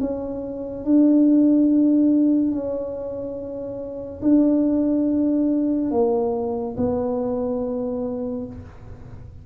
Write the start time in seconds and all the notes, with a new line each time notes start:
0.00 C#4
0.85 D4
2.52 C#4
4.22 D4
5.91 A#3
6.77 B3